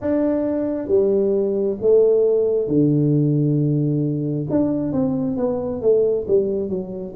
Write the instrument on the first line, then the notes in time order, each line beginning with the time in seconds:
tuba
0.01 D4
0.87 G3
1.81 A3
2.67 D3
4.50 D4
4.92 C4
5.36 B3
5.81 A3
6.27 G3
6.69 F#3